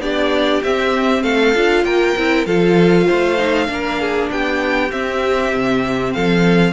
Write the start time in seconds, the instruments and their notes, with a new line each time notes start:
0.00 cello B3, viola D4, violin G4 D5
0.64 cello C4, viola C4, violin E5
1.23 cello A3, violin A4 F5
1.55 cello D4, viola F4
1.85 cello A#3, violin A#4 G5
2.18 cello C4, viola E4
2.46 cello F3, viola F4, violin A4 F5
3.07 cello A3, violin C5
3.38 viola D#4
3.67 cello A#3, viola D4, violin A#4
4.01 violin G#4
4.31 cello B3, violin G4 G5
4.92 viola C4, cello C4, violin E5
5.55 cello C3
6.13 cello F3, violin A4 F5